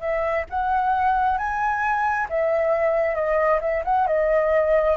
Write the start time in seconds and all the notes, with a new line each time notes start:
0.00 E5
0.50 F#5
1.38 G#5
2.30 E5
3.15 D#5
3.61 E5
3.84 F#5
4.07 D#5